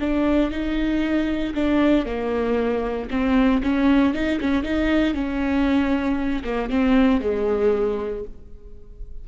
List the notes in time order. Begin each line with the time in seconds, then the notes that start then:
0.00 D4
0.51 D#4
1.55 D4
2.05 A#3
3.11 C4
3.63 C#4
4.14 D#4
4.40 C#4
4.64 D#4
5.14 C#4
6.44 A#3
6.70 C4
7.21 G#3